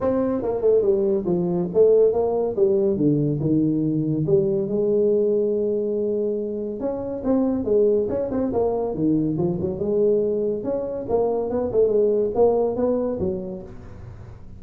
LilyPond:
\new Staff \with { instrumentName = "tuba" } { \time 4/4 \tempo 4 = 141 c'4 ais8 a8 g4 f4 | a4 ais4 g4 d4 | dis2 g4 gis4~ | gis1 |
cis'4 c'4 gis4 cis'8 c'8 | ais4 dis4 f8 fis8 gis4~ | gis4 cis'4 ais4 b8 a8 | gis4 ais4 b4 fis4 | }